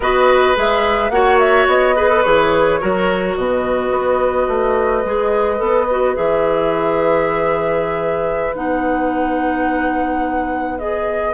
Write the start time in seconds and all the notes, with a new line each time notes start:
0.00 B3 F#4 B4 D#5
0.55 G#3 G#4 E5
1.10 A#3 F#4 C#5 F#5
1.39 E5
1.67 B3 D#5
1.95 G#4 B4
2.09 A4
2.23 E3 G#4 C#5
2.80 F#3 F#4 A#4
3.36 B2 B4 D#5
3.91 B3
4.48 A3
5.05 G#3 G#4
5.57 B3 A4
5.90 F#4
6.14 E3 G#4 E5
8.53 B3 D#4 F#5
10.78 G#4 D#5